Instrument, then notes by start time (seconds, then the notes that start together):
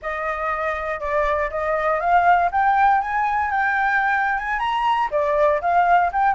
flute
0.02 D#5
1.00 D5
1.50 D#5
2.00 F5
2.51 G5
3.01 G#5
3.50 G5
4.38 G#5
4.59 A#5
5.10 D5
5.61 F5
6.12 G5